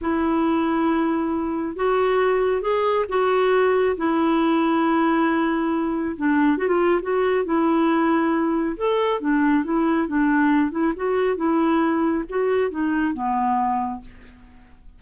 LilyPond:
\new Staff \with { instrumentName = "clarinet" } { \time 4/4 \tempo 4 = 137 e'1 | fis'2 gis'4 fis'4~ | fis'4 e'2.~ | e'2 d'4 fis'16 f'8. |
fis'4 e'2. | a'4 d'4 e'4 d'4~ | d'8 e'8 fis'4 e'2 | fis'4 dis'4 b2 | }